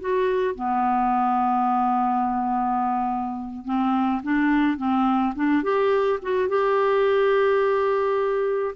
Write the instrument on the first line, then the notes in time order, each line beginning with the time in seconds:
clarinet
0.00 F#4
0.55 B3
3.65 C4
4.23 D4
4.77 C4
5.35 D4
5.63 G4
6.22 F#4
6.48 G4